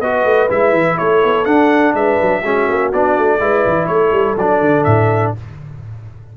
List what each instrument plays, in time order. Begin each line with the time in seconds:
0.00 tuba B3, trombone F#4, horn B4, trumpet D#5
0.24 tuba A3
0.49 tuba G#3, trombone E4, trumpet E5
0.72 tuba E3
0.98 tuba A3, horn A4, trumpet C#5
1.23 tuba B3
1.45 trombone D4, tuba D4, trumpet F#5
1.93 tuba G#3, horn B4, trumpet E5
2.21 tuba F#3
2.41 tuba G#3, trombone C#4, horn F#4
2.68 tuba A#3
2.92 tuba B3, trombone D4, trumpet D5
3.17 tuba A3
3.40 tuba G#3, trombone E4, horn B4
3.66 tuba E3
3.86 tuba A3, horn A4, trumpet C#5
4.11 tuba G3
4.37 tuba F#3, trombone D4, trumpet D5
4.61 tuba D3
4.84 tuba A2, trumpet E5